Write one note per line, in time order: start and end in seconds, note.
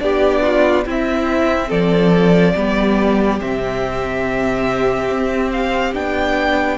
0.00 0.86 B3
0.00 0.85 D4
0.00 0.43 G4
0.00 0.85 D5
0.43 0.85 F4
0.85 1.70 C4
0.85 2.56 C4
0.85 1.68 E4
0.85 1.71 E5
1.68 2.56 F3
1.68 2.53 A4
1.68 3.40 D5
2.56 3.41 G3
2.56 3.41 B3
2.56 6.78 G4
3.41 5.11 C3
3.41 5.94 C4
3.41 5.52 E5
5.11 5.95 C4
5.52 5.95 F5
5.94 6.79 B3
5.94 6.79 D4
5.94 6.79 G5